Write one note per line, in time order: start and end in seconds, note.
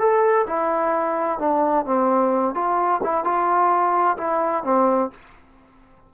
0.00 0.47 A4
0.48 1.40 E4
1.40 1.86 D4
1.86 2.55 C4
2.55 3.01 F4
3.04 3.25 E4
3.25 4.18 F4
4.18 4.64 E4
4.64 5.11 C4